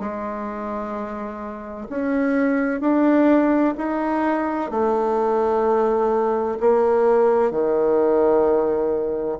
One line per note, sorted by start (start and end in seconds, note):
0.00 1.87 G#3
1.90 2.81 C#4
2.81 3.75 D4
3.78 4.71 D#4
4.71 6.58 A3
6.61 7.51 A#3
7.51 9.39 D#3